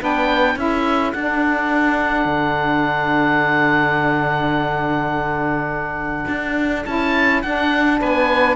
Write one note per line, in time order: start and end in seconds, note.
0.00 0.56 B3
0.00 0.57 D4
0.00 0.57 B4
0.00 0.59 G5
0.56 1.13 C#4
0.56 1.14 E4
0.56 8.00 A4
0.56 1.12 E5
1.12 2.25 D4
1.12 6.86 D4
1.12 6.84 F#5
2.25 6.25 D3
6.28 6.85 D4
6.85 7.44 C#4
6.85 7.43 E4
6.85 7.42 A5
7.42 8.01 D4
7.42 8.56 D4
7.42 8.00 F#5
8.00 8.56 B3
8.00 8.56 B4
8.00 8.56 G#5